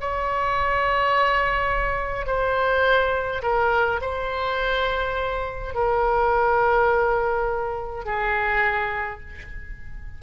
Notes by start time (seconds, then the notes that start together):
0.00 C#5
2.26 C5
3.42 A#4
4.01 C5
5.74 A#4
8.05 G#4